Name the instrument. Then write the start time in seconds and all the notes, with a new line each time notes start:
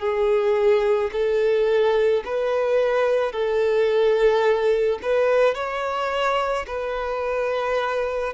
violin
0.00 G#4
1.13 A4
2.25 B4
3.33 A4
5.03 B4
5.55 C#5
6.67 B4